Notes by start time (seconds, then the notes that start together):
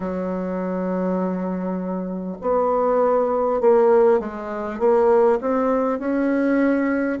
0.00 F#3
2.41 B3
3.60 A#3
4.19 G#3
4.79 A#3
5.41 C4
5.99 C#4